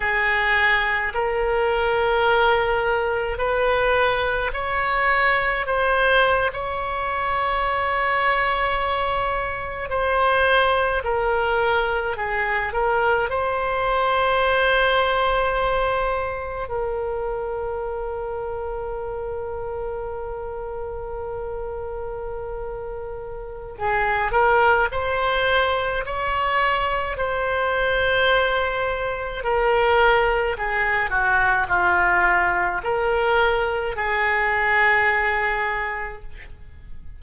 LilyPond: \new Staff \with { instrumentName = "oboe" } { \time 4/4 \tempo 4 = 53 gis'4 ais'2 b'4 | cis''4 c''8. cis''2~ cis''16~ | cis''8. c''4 ais'4 gis'8 ais'8 c''16~ | c''2~ c''8. ais'4~ ais'16~ |
ais'1~ | ais'4 gis'8 ais'8 c''4 cis''4 | c''2 ais'4 gis'8 fis'8 | f'4 ais'4 gis'2 | }